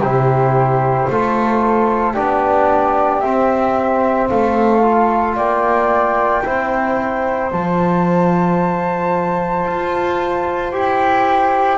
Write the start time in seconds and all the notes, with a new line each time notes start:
0.00 C3 E4 G4 C5
1.10 A3 F4 A4
2.13 B3 D4 G4 D5
3.21 C4 E5
4.29 A3 A4 F5
4.82 F4
5.35 A#3 D5 G5
6.45 C4 E4 C5
7.51 F3 F4 A5
9.66 F4
10.72 E4 G4 G5